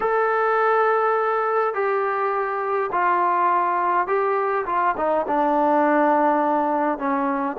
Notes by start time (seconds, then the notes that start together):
0.00 A4
1.73 G4
2.92 F4
4.07 G4
4.66 F4
4.97 D#4
5.27 D4
6.98 C#4